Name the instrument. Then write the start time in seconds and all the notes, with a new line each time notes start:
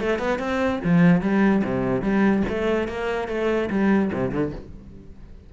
cello
0.00 A3
0.19 B3
0.39 C4
0.84 F3
1.21 G3
1.64 C3
2.02 G3
2.49 A3
2.88 A#3
3.28 A3
3.70 G3
4.13 C3
4.31 D3